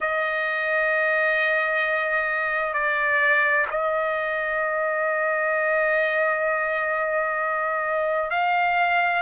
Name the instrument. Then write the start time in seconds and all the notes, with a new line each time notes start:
trumpet
0.00 D#5
2.73 D5
3.70 D#5
8.30 F5